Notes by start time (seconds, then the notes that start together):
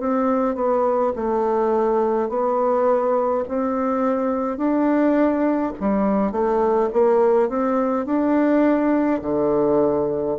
0.00 C4
0.56 B3
1.16 A3
2.29 B3
3.49 C4
4.58 D4
5.81 G3
6.32 A3
6.93 A#3
7.49 C4
8.06 D4
9.23 D3